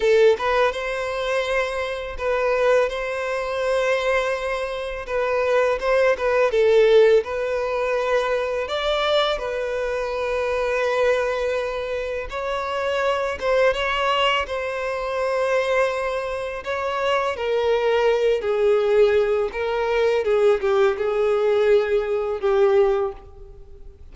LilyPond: \new Staff \with { instrumentName = "violin" } { \time 4/4 \tempo 4 = 83 a'8 b'8 c''2 b'4 | c''2. b'4 | c''8 b'8 a'4 b'2 | d''4 b'2.~ |
b'4 cis''4. c''8 cis''4 | c''2. cis''4 | ais'4. gis'4. ais'4 | gis'8 g'8 gis'2 g'4 | }